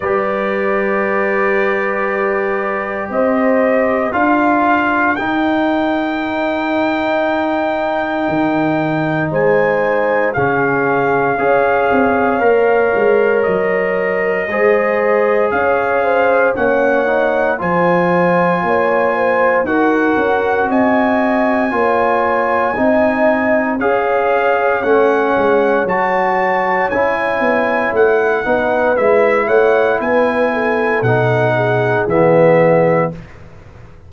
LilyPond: <<
  \new Staff \with { instrumentName = "trumpet" } { \time 4/4 \tempo 4 = 58 d''2. dis''4 | f''4 g''2.~ | g''4 gis''4 f''2~ | f''4 dis''2 f''4 |
fis''4 gis''2 fis''4 | gis''2. f''4 | fis''4 a''4 gis''4 fis''4 | e''8 fis''8 gis''4 fis''4 e''4 | }
  \new Staff \with { instrumentName = "horn" } { \time 4/4 b'2. c''4 | ais'1~ | ais'4 c''4 gis'4 cis''4~ | cis''2 c''4 cis''8 c''8 |
cis''4 c''4 cis''8 c''8 ais'4 | dis''4 cis''4 dis''4 cis''4~ | cis''2.~ cis''8 b'8~ | b'8 cis''8 b'8 a'4 gis'4. | }
  \new Staff \with { instrumentName = "trombone" } { \time 4/4 g'1 | f'4 dis'2.~ | dis'2 cis'4 gis'4 | ais'2 gis'2 |
cis'8 dis'8 f'2 fis'4~ | fis'4 f'4 dis'4 gis'4 | cis'4 fis'4 e'4. dis'8 | e'2 dis'4 b4 | }
  \new Staff \with { instrumentName = "tuba" } { \time 4/4 g2. c'4 | d'4 dis'2. | dis4 gis4 cis4 cis'8 c'8 | ais8 gis8 fis4 gis4 cis'4 |
ais4 f4 ais4 dis'8 cis'8 | c'4 ais4 c'4 cis'4 | a8 gis8 fis4 cis'8 b8 a8 b8 | gis8 a8 b4 b,4 e4 | }
>>